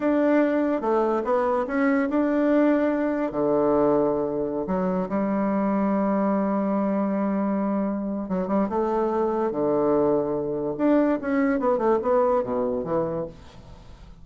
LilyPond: \new Staff \with { instrumentName = "bassoon" } { \time 4/4 \tempo 4 = 145 d'2 a4 b4 | cis'4 d'2. | d2.~ d16 fis8.~ | fis16 g2.~ g8.~ |
g1 | fis8 g8 a2 d4~ | d2 d'4 cis'4 | b8 a8 b4 b,4 e4 | }